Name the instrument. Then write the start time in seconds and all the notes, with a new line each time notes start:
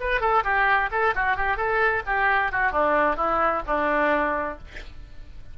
oboe
0.00 B4
0.21 A4
0.44 G4
0.91 A4
1.15 F#4
1.36 G4
1.57 A4
2.06 G4
2.52 F#4
2.72 D4
3.16 E4
3.66 D4